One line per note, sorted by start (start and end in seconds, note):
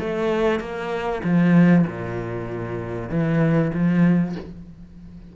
0.00 0.60 A3
0.60 1.22 A#3
1.24 1.86 F3
1.87 3.10 A#2
3.10 3.71 E3
3.74 4.36 F3